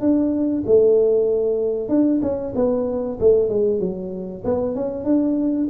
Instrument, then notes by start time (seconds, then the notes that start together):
tuba
0.00 D4
0.66 A3
1.89 D4
2.22 C#4
2.55 B3
3.20 A3
3.49 G#3
3.79 F#3
4.44 B3
4.75 C#4
5.04 D4